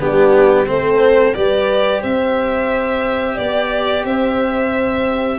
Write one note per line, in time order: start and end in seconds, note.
0.00 0.69 G3
0.00 0.67 B3
0.00 0.67 D4
0.00 0.68 G4
0.67 1.36 A3
0.67 1.34 C4
0.67 1.37 A4
0.67 1.34 C5
1.34 2.04 G3
1.34 5.40 G4
1.34 2.01 B4
1.34 2.02 D5
2.01 3.38 C4
2.01 3.35 C5
2.01 3.38 E5
3.35 4.05 B3
3.35 4.03 D5
3.35 4.05 D5
4.05 5.40 C4
4.05 5.40 C5
4.05 5.40 E5